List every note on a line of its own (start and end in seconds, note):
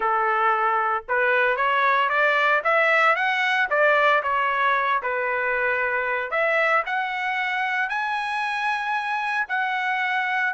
0.00 1.04 A4
1.08 1.56 B4
1.56 2.09 C#5
2.09 2.61 D5
2.63 3.15 E5
3.15 3.68 F#5
3.70 4.22 D5
4.22 5.01 C#5
5.02 6.30 B4
6.30 6.83 E5
6.85 7.89 F#5
7.89 9.47 G#5
9.48 10.53 F#5